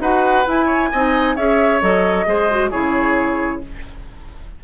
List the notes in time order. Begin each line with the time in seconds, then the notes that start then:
0.00 D#4 F#4 B4 F#5
0.46 E4 G#5
0.66 C#5
0.92 C4 D#4 D#5
1.36 C#4 G#4 C#5 E5
1.81 F#3 A4 D#5
2.26 G#3 G#4 C5
2.51 F#4
2.70 C#3 E4 G#4 C#5